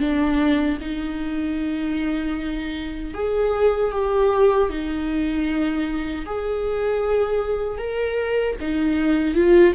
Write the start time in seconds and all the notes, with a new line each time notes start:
0.00 D4
0.81 D#4
3.14 G#4
3.91 G4
4.69 D#4
6.26 G#4
7.78 A#4
8.61 D#4
9.35 F4